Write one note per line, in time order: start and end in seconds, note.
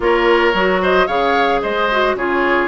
0.00 0.53 A#3
0.00 0.53 F4
0.00 0.82 A#4
0.00 0.82 C#5
0.53 1.07 F#3
0.53 1.08 F#4
0.82 1.06 C5
0.82 1.07 D#5
1.06 1.61 C#3
1.06 1.89 G#4
1.06 1.60 C#5
1.06 1.61 F5
1.61 2.15 G#3
1.61 2.16 C5
1.61 2.15 D#5
1.91 2.17 F#4
2.15 2.68 C#3
2.15 2.68 F4
2.15 2.68 G#4
2.15 2.68 C#5